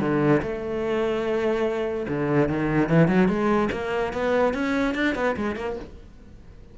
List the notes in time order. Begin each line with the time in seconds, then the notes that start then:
0.00 D3
0.42 A3
2.08 D3
2.48 D#3
2.89 E3
3.08 F#3
3.28 G#3
3.72 A#3
4.13 B3
4.54 C#4
4.94 D4
5.15 B3
5.36 G#3
5.56 A#3